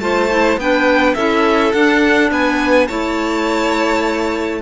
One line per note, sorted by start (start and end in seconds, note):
0.00 0.57 A3
0.00 0.30 F4
0.00 0.60 C5
0.00 0.58 A5
0.30 0.59 E4
0.57 1.15 B3
0.57 1.17 D4
0.57 1.16 B4
0.57 1.15 G5
1.15 1.74 C#4
1.15 1.74 E4
1.15 2.31 A4
1.15 1.72 E5
1.72 2.31 D4
1.72 2.88 D4
1.72 2.30 F#5
2.31 2.89 B3
2.31 2.87 B4
2.31 2.88 G#5
2.87 4.62 A3
2.87 4.62 E4
2.87 4.60 C#5
2.87 4.61 A5